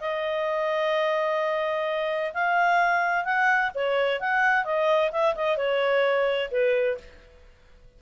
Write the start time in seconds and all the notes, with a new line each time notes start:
0.00 D#5
2.34 F5
3.25 F#5
3.74 C#5
4.20 F#5
4.64 D#5
5.12 E5
5.35 D#5
5.57 C#5
6.51 B4